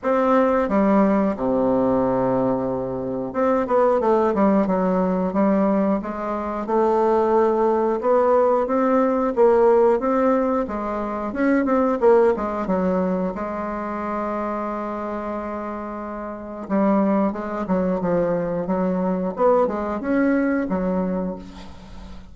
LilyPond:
\new Staff \with { instrumentName = "bassoon" } { \time 4/4 \tempo 4 = 90 c'4 g4 c2~ | c4 c'8 b8 a8 g8 fis4 | g4 gis4 a2 | b4 c'4 ais4 c'4 |
gis4 cis'8 c'8 ais8 gis8 fis4 | gis1~ | gis4 g4 gis8 fis8 f4 | fis4 b8 gis8 cis'4 fis4 | }